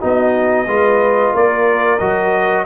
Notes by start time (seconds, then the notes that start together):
0.00 B3 D#4 F#4 D#5
0.67 G#3 F4 B4
1.34 A#3 A#4 D5
1.99 F#3 F#4 D#5